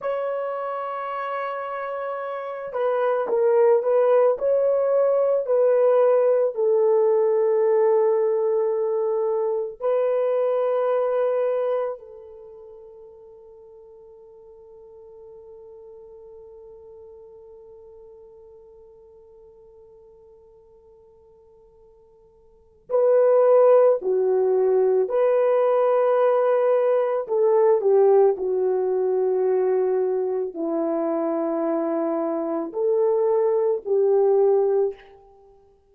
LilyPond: \new Staff \with { instrumentName = "horn" } { \time 4/4 \tempo 4 = 55 cis''2~ cis''8 b'8 ais'8 b'8 | cis''4 b'4 a'2~ | a'4 b'2 a'4~ | a'1~ |
a'1~ | a'4 b'4 fis'4 b'4~ | b'4 a'8 g'8 fis'2 | e'2 a'4 g'4 | }